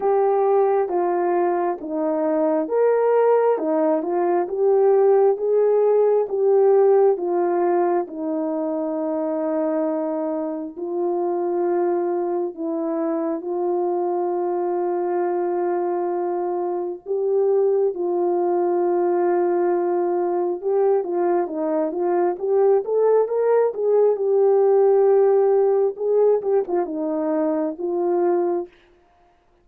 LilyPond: \new Staff \with { instrumentName = "horn" } { \time 4/4 \tempo 4 = 67 g'4 f'4 dis'4 ais'4 | dis'8 f'8 g'4 gis'4 g'4 | f'4 dis'2. | f'2 e'4 f'4~ |
f'2. g'4 | f'2. g'8 f'8 | dis'8 f'8 g'8 a'8 ais'8 gis'8 g'4~ | g'4 gis'8 g'16 f'16 dis'4 f'4 | }